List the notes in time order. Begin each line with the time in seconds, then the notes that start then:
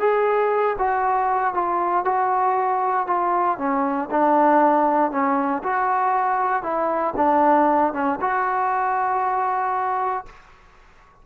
0.00 G#4
0.79 F#4
1.54 F4
2.05 F#4
3.07 F4
3.58 C#4
4.11 D4
5.11 C#4
5.64 F#4
6.63 E4
7.17 D4
7.93 C#4
8.21 F#4